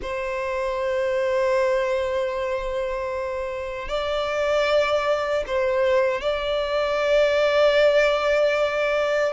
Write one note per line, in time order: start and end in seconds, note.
0.01 3.88 C5
3.88 5.44 D5
5.47 6.21 C5
6.21 9.33 D5